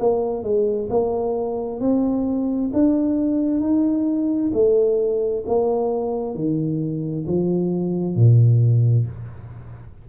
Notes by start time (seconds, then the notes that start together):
0.00 A#3
0.43 G#3
0.90 A#3
1.81 C4
2.74 D4
3.61 D#4
4.53 A3
5.47 A#3
6.35 D#3
7.27 F3
8.16 A#2